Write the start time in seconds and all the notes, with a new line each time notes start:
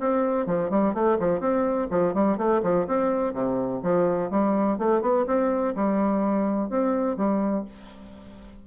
0.00 C4
0.46 F3
0.70 G3
0.94 A3
1.19 F3
1.40 C4
1.90 F3
2.14 G3
2.37 A3
2.62 F3
2.87 C4
3.33 C3
3.83 F3
4.30 G3
4.78 A3
5.02 B3
5.26 C4
5.75 G3
6.69 C4
7.17 G3